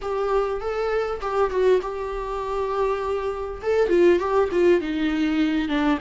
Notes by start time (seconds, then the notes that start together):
0.01 G4
0.60 A4
1.21 G4
1.50 F#4
1.81 G4
3.62 A4
3.89 F4
4.19 G4
4.51 F4
4.80 D#4
5.68 D4